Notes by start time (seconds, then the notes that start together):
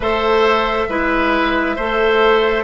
0.00 A3 A4 C5 E5
0.88 G#3 E4 B4
1.76 A3 A4 C5